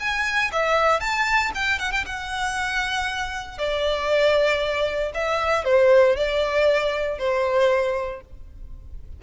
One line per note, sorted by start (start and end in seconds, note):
0.00 0.51 G#5
0.53 1.00 E5
1.00 1.52 A5
1.55 1.79 G5
1.79 1.92 F#5
1.92 2.05 G5
2.06 3.59 F#5
3.59 5.12 D5
5.15 5.65 E5
5.65 6.16 C5
6.17 7.19 D5
7.19 8.21 C5